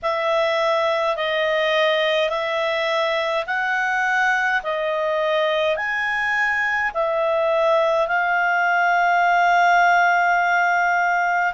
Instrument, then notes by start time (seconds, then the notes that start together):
clarinet
0.02 E5
1.16 D#5
2.29 E5
3.46 F#5
4.63 D#5
5.76 G#5
6.94 E5
8.07 F5